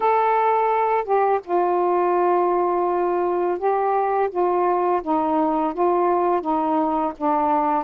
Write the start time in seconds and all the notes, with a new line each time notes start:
0.00 A4
1.04 G4
1.44 F4
3.58 G4
4.30 F4
5.02 D#4
5.73 F4
6.41 D#4
7.17 D4